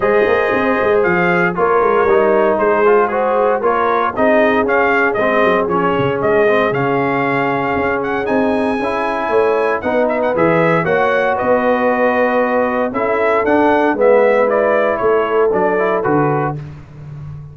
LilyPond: <<
  \new Staff \with { instrumentName = "trumpet" } { \time 4/4 \tempo 4 = 116 dis''2 f''4 cis''4~ | cis''4 c''4 gis'4 cis''4 | dis''4 f''4 dis''4 cis''4 | dis''4 f''2~ f''8 fis''8 |
gis''2. fis''8 e''16 fis''16 | e''4 fis''4 dis''2~ | dis''4 e''4 fis''4 e''4 | d''4 cis''4 d''4 b'4 | }
  \new Staff \with { instrumentName = "horn" } { \time 4/4 c''2. ais'4~ | ais'4 gis'4 c''4 ais'4 | gis'1~ | gis'1~ |
gis'2 cis''4 b'4~ | b'4 cis''4 b'2~ | b'4 a'2 b'4~ | b'4 a'2. | }
  \new Staff \with { instrumentName = "trombone" } { \time 4/4 gis'2. f'4 | dis'4. f'8 fis'4 f'4 | dis'4 cis'4 c'4 cis'4~ | cis'8 c'8 cis'2. |
dis'4 e'2 dis'4 | gis'4 fis'2.~ | fis'4 e'4 d'4 b4 | e'2 d'8 e'8 fis'4 | }
  \new Staff \with { instrumentName = "tuba" } { \time 4/4 gis8 ais8 c'8 gis8 f4 ais8 gis8 | g4 gis2 ais4 | c'4 cis'4 gis8 fis8 f8 cis8 | gis4 cis2 cis'4 |
c'4 cis'4 a4 b4 | e4 ais4 b2~ | b4 cis'4 d'4 gis4~ | gis4 a4 fis4 d4 | }
>>